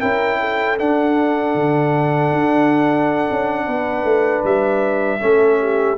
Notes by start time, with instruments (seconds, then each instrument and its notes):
0.00 tuba C#4, trombone E4, horn A#4, trumpet G5
0.40 horn A4
0.79 trombone D4, tuba D4, trumpet F#5
1.55 tuba D3
2.32 tuba D4
3.31 tuba C#4
3.66 tuba B3, horn B4
4.04 tuba A3
4.44 tuba G3, trumpet E5
5.20 tuba A3, trombone C#4, horn A4
5.60 horn G4